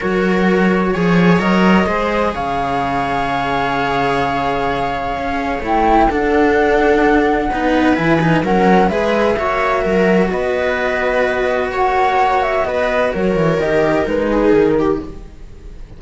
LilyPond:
<<
  \new Staff \with { instrumentName = "flute" } { \time 4/4 \tempo 4 = 128 cis''2. dis''4~ | dis''4 f''2.~ | f''1 | g''4 fis''2.~ |
fis''4 gis''4 fis''4 e''4~ | e''2 dis''2~ | dis''4 fis''4. e''8 dis''4 | cis''4 dis''4 b'4 ais'4 | }
  \new Staff \with { instrumentName = "viola" } { \time 4/4 ais'2 cis''2 | c''4 cis''2.~ | cis''1~ | cis''4 a'2. |
b'2 ais'4 b'4 | cis''4 ais'4 b'2~ | b'4 cis''2 b'4 | ais'2~ ais'8 gis'4 g'8 | }
  \new Staff \with { instrumentName = "cello" } { \time 4/4 fis'2 gis'4 ais'4 | gis'1~ | gis'1 | e'4 d'2. |
dis'4 e'8 dis'8 cis'4 gis'4 | fis'1~ | fis'1~ | fis'4 g'4 dis'2 | }
  \new Staff \with { instrumentName = "cello" } { \time 4/4 fis2 f4 fis4 | gis4 cis2.~ | cis2. cis'4 | a4 d'2. |
b4 e4 fis4 gis4 | ais4 fis4 b2~ | b4 ais2 b4 | fis8 e8 dis4 gis4 dis4 | }
>>